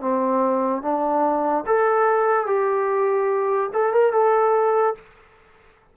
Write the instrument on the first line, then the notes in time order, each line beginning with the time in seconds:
trombone
0.00 C4
0.82 D4
1.66 A4
2.46 G4
3.73 A4
3.92 A#4
4.12 A4